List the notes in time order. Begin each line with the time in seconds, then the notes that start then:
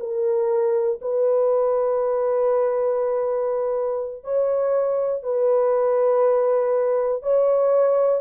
0.00 A#4
1.02 B4
4.24 C#5
5.23 B4
7.23 C#5